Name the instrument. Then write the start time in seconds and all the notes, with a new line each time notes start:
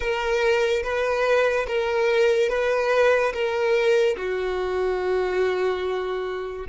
violin
0.00 A#4
0.83 B4
1.67 A#4
2.49 B4
3.33 A#4
4.16 F#4